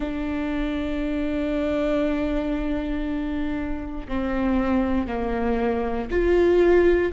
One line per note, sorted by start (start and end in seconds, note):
0.00 4.07 D4
4.07 5.07 C4
5.07 6.08 A#3
6.10 7.12 F4